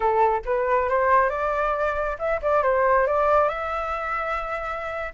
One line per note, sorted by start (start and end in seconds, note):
0.00 0.42 A4
0.45 0.89 B4
0.89 1.29 C5
1.29 2.17 D5
2.18 2.40 E5
2.42 2.62 D5
2.62 3.06 C5
3.07 3.48 D5
3.48 5.12 E5